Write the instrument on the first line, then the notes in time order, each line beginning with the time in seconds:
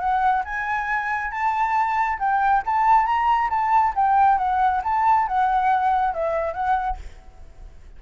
flute
0.00 F#5
0.45 G#5
1.32 A5
2.19 G5
2.66 A5
3.06 A#5
3.50 A5
3.96 G5
4.39 F#5
4.84 A5
5.28 F#5
6.14 E5
6.54 F#5